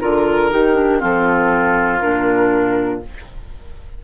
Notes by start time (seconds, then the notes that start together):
0.00 D3 F4 A#4
0.50 D#3 D#4 G4
0.75 D4
0.99 F3 C4 F4 A4
2.00 A#2 D4 A#4